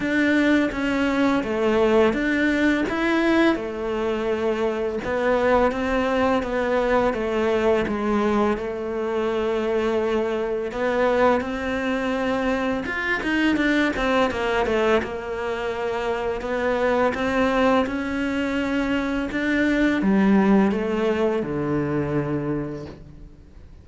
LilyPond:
\new Staff \with { instrumentName = "cello" } { \time 4/4 \tempo 4 = 84 d'4 cis'4 a4 d'4 | e'4 a2 b4 | c'4 b4 a4 gis4 | a2. b4 |
c'2 f'8 dis'8 d'8 c'8 | ais8 a8 ais2 b4 | c'4 cis'2 d'4 | g4 a4 d2 | }